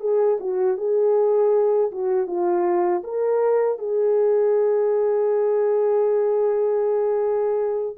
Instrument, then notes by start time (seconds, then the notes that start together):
horn
0.00 G#4
0.40 F#4
0.77 G#4
1.92 F#4
2.27 F4
3.03 A#4
3.78 G#4